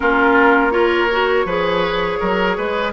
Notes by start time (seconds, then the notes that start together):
0.00 A#3 C#4 F4 A#4
0.71 F4 A#4 C#5
1.11 F#4
1.45 F3 G#4 B4
2.20 F#3 A#4
2.57 G#3 B4